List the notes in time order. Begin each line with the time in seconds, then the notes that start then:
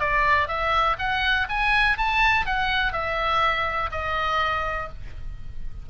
0.00 D5
0.48 E5
0.99 F#5
1.49 G#5
1.98 A5
2.46 F#5
2.93 E5
3.92 D#5